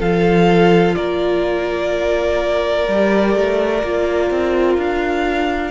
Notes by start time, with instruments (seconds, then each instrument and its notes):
0.00 cello F3, viola F4, violin A4 F5
0.95 cello A#3, violin A#4 D5
2.88 cello G3, viola G4
3.35 cello A3
3.83 cello A#3, viola F4
4.31 cello C4
4.77 cello D4, violin F5